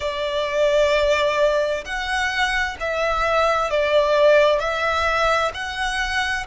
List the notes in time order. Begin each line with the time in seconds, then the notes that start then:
0.00 D5
1.84 F#5
2.79 E5
3.70 D5
4.59 E5
5.54 F#5